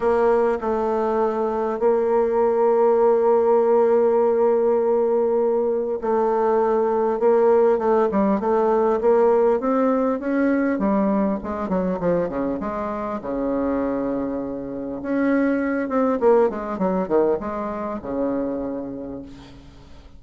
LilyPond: \new Staff \with { instrumentName = "bassoon" } { \time 4/4 \tempo 4 = 100 ais4 a2 ais4~ | ais1~ | ais2 a2 | ais4 a8 g8 a4 ais4 |
c'4 cis'4 g4 gis8 fis8 | f8 cis8 gis4 cis2~ | cis4 cis'4. c'8 ais8 gis8 | fis8 dis8 gis4 cis2 | }